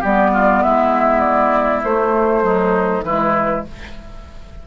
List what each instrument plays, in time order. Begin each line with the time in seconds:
0.00 bassoon G3, clarinet B3, oboe G4, flute D5
0.33 oboe F4
0.63 bassoon G#3, oboe E4, flute E5
1.20 flute D5
1.84 bassoon A3, clarinet A3, flute C5
2.42 clarinet F#3, oboe D#4
3.03 bassoon E3, clarinet G#3, oboe E4, flute B4